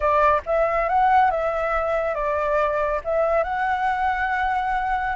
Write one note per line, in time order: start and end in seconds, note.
0.00 0.41 D5
0.46 0.88 E5
0.88 1.30 F#5
1.30 2.14 E5
2.14 3.01 D5
3.04 3.43 E5
3.43 5.16 F#5